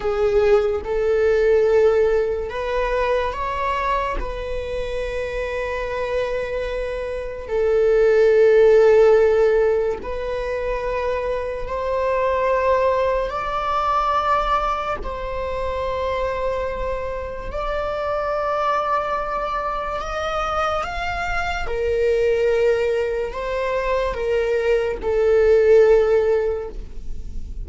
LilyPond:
\new Staff \with { instrumentName = "viola" } { \time 4/4 \tempo 4 = 72 gis'4 a'2 b'4 | cis''4 b'2.~ | b'4 a'2. | b'2 c''2 |
d''2 c''2~ | c''4 d''2. | dis''4 f''4 ais'2 | c''4 ais'4 a'2 | }